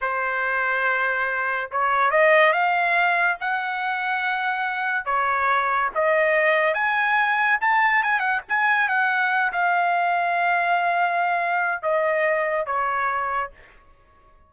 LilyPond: \new Staff \with { instrumentName = "trumpet" } { \time 4/4 \tempo 4 = 142 c''1 | cis''4 dis''4 f''2 | fis''1 | cis''2 dis''2 |
gis''2 a''4 gis''8 fis''8 | gis''4 fis''4. f''4.~ | f''1 | dis''2 cis''2 | }